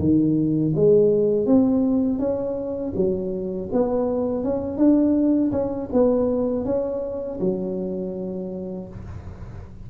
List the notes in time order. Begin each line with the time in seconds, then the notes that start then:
0.00 D#3
0.76 G#3
1.46 C4
2.20 C#4
2.96 F#3
3.73 B3
4.44 C#4
4.78 D4
5.53 C#4
5.93 B3
6.66 C#4
7.40 F#3